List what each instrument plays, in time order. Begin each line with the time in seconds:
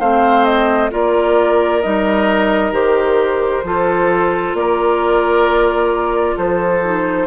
0.00 bassoon A3, clarinet C4, oboe C5, flute F5
0.45 flute D#5
0.91 bassoon A#3, clarinet F4, oboe A#4, flute D5
1.82 bassoon G3, clarinet D#4, flute D#5
2.72 bassoon D#3, clarinet G4, flute C5
3.64 bassoon F3, clarinet F4, oboe A4
4.54 bassoon A#3, oboe A#4, flute D5
6.37 bassoon F3, oboe A4, flute C5
6.84 clarinet D#4